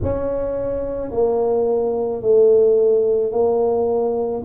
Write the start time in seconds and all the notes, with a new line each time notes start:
0.03 C#4
1.11 A#3
2.22 A3
3.32 A#3